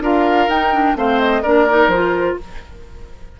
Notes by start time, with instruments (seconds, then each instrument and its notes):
0.00 bassoon D4, clarinet F4, oboe A#4, flute F5
0.47 bassoon D#4, clarinet D#4, flute G5
0.72 clarinet D4
0.95 bassoon A3, clarinet C4, oboe C5, flute F5
1.19 flute D#5
1.42 bassoon A#3, clarinet D4, oboe A#4, flute D5
1.68 clarinet D#4
1.87 bassoon F3, clarinet F4, flute C5